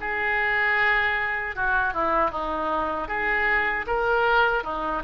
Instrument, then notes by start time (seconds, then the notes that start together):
oboe
0.00 G#4
1.55 F#4
1.93 E4
2.31 D#4
3.07 G#4
3.86 A#4
4.63 D#4